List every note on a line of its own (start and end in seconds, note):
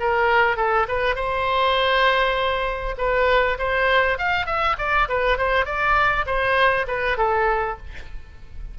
0.00 0.57 A#4
0.57 0.87 A4
0.88 1.16 B4
1.16 2.96 C5
2.98 3.58 B4
3.59 4.18 C5
4.18 4.47 F5
4.47 4.77 E5
4.78 5.08 D5
5.09 5.38 B4
5.38 5.66 C5
5.66 6.26 D5
6.26 6.86 C5
6.88 7.18 B4
7.18 7.78 A4